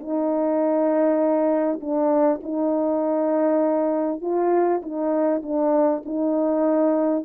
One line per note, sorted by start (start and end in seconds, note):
0.00 1.80 D#4
1.81 2.41 D4
2.44 4.22 D#4
4.22 4.82 F4
4.82 5.42 D#4
5.43 6.03 D4
6.06 7.25 D#4